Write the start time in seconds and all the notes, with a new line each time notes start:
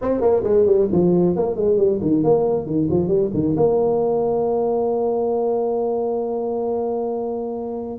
0.01 C4
0.20 A#3
0.43 G#3
0.66 G3
0.92 F3
1.36 A#3
1.56 G#3
1.77 G3
2.01 D#3
2.23 A#3
2.66 D#3
2.90 F3
3.07 G3
3.33 D#3
3.56 A#3